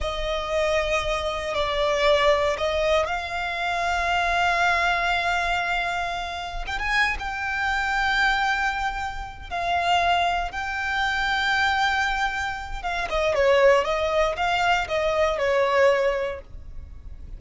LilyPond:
\new Staff \with { instrumentName = "violin" } { \time 4/4 \tempo 4 = 117 dis''2. d''4~ | d''4 dis''4 f''2~ | f''1~ | f''4 g''16 gis''8. g''2~ |
g''2~ g''8 f''4.~ | f''8 g''2.~ g''8~ | g''4 f''8 dis''8 cis''4 dis''4 | f''4 dis''4 cis''2 | }